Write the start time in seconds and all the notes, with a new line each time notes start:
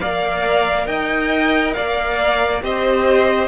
0.00 A#3 A#4 D5 F5
0.87 D#4 D#5 G5
1.74 A#3 D5 F5
2.62 C4 G4 C5 D#5